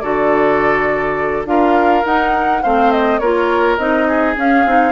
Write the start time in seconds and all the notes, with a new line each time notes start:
0.00 D3 F#4 A4 D5
1.45 D4 F4 A#4 F5
2.05 D#4 F#5
2.63 A3 C4 C5 F5
2.92 D#5
3.19 A#3 F4 A#4 C#5
3.78 C4 D#4 D#5
4.08 G#4
4.37 C#4 F5
4.66 C4 D#4